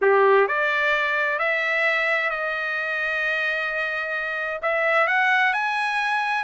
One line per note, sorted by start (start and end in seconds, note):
0.01 0.47 G4
0.47 1.38 D5
1.38 2.30 E5
2.30 4.60 D#5
4.62 5.07 E5
5.07 5.53 F#5
5.53 6.44 G#5